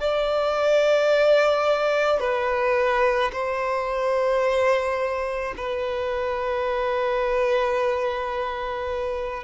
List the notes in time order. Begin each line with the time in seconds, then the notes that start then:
0.00 D5
2.20 B4
3.33 C5
5.57 B4